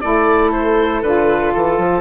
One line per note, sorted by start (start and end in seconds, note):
0.00 1.01 A3
0.00 1.03 E4
0.00 2.00 A4
0.00 0.51 D5
0.51 1.02 C5
1.01 1.52 D3
1.01 2.00 F4
1.01 1.53 B4
1.53 1.78 E3
1.53 2.00 A4
1.78 2.00 F3